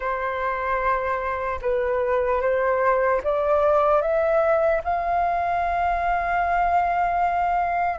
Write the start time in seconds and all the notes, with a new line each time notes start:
0.00 C5
1.61 B4
2.41 C5
3.23 D5
4.01 E5
4.84 F5